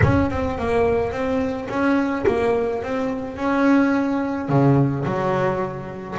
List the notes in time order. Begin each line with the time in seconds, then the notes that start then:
0.03 C#4
0.30 C4
0.58 A#3
1.12 C4
1.69 C#4
2.26 A#3
2.82 C4
3.36 C#4
4.49 C#3
5.05 F#3